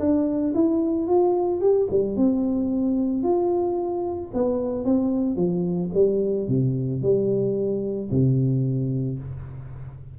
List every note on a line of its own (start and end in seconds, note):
0.00 0.54 D4
0.55 1.08 E4
1.08 1.61 F4
1.61 1.88 G4
1.91 2.17 G3
2.17 3.24 C4
3.24 4.32 F4
4.34 4.85 B3
4.85 5.36 C4
5.36 5.90 F3
5.94 6.48 G3
6.49 7.02 C3
7.02 8.11 G3
8.11 9.19 C3